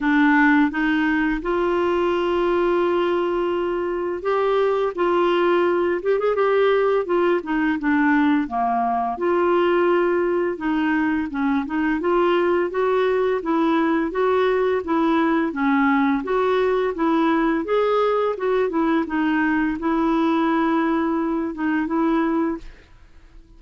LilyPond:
\new Staff \with { instrumentName = "clarinet" } { \time 4/4 \tempo 4 = 85 d'4 dis'4 f'2~ | f'2 g'4 f'4~ | f'8 g'16 gis'16 g'4 f'8 dis'8 d'4 | ais4 f'2 dis'4 |
cis'8 dis'8 f'4 fis'4 e'4 | fis'4 e'4 cis'4 fis'4 | e'4 gis'4 fis'8 e'8 dis'4 | e'2~ e'8 dis'8 e'4 | }